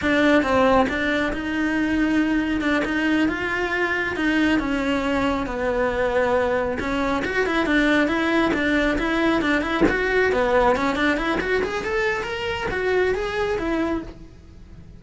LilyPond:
\new Staff \with { instrumentName = "cello" } { \time 4/4 \tempo 4 = 137 d'4 c'4 d'4 dis'4~ | dis'2 d'8 dis'4 f'8~ | f'4. dis'4 cis'4.~ | cis'8 b2. cis'8~ |
cis'8 fis'8 e'8 d'4 e'4 d'8~ | d'8 e'4 d'8 e'8 fis'4 b8~ | b8 cis'8 d'8 e'8 fis'8 gis'8 a'4 | ais'4 fis'4 gis'4 e'4 | }